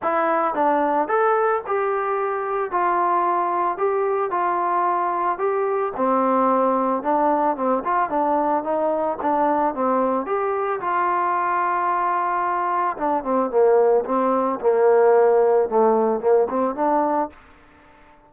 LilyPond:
\new Staff \with { instrumentName = "trombone" } { \time 4/4 \tempo 4 = 111 e'4 d'4 a'4 g'4~ | g'4 f'2 g'4 | f'2 g'4 c'4~ | c'4 d'4 c'8 f'8 d'4 |
dis'4 d'4 c'4 g'4 | f'1 | d'8 c'8 ais4 c'4 ais4~ | ais4 a4 ais8 c'8 d'4 | }